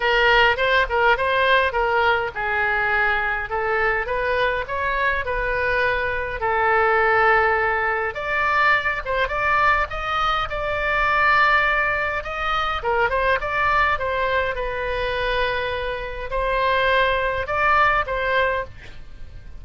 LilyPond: \new Staff \with { instrumentName = "oboe" } { \time 4/4 \tempo 4 = 103 ais'4 c''8 ais'8 c''4 ais'4 | gis'2 a'4 b'4 | cis''4 b'2 a'4~ | a'2 d''4. c''8 |
d''4 dis''4 d''2~ | d''4 dis''4 ais'8 c''8 d''4 | c''4 b'2. | c''2 d''4 c''4 | }